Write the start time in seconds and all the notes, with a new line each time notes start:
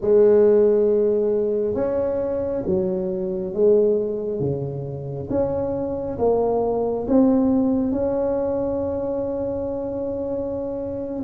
0.01 G#3
1.74 C#4
2.65 F#3
3.53 G#3
4.40 C#3
5.29 C#4
6.18 A#3
7.07 C4
7.92 C#4